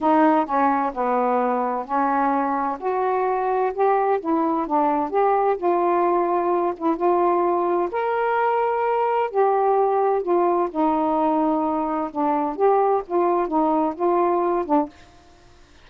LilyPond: \new Staff \with { instrumentName = "saxophone" } { \time 4/4 \tempo 4 = 129 dis'4 cis'4 b2 | cis'2 fis'2 | g'4 e'4 d'4 g'4 | f'2~ f'8 e'8 f'4~ |
f'4 ais'2. | g'2 f'4 dis'4~ | dis'2 d'4 g'4 | f'4 dis'4 f'4. d'8 | }